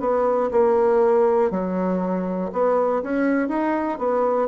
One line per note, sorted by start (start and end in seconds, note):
0.00 0.50 B3
0.51 1.50 A#3
1.50 2.50 F#3
2.52 3.02 B3
3.03 3.49 C#4
3.49 3.99 D#4
3.99 4.48 B3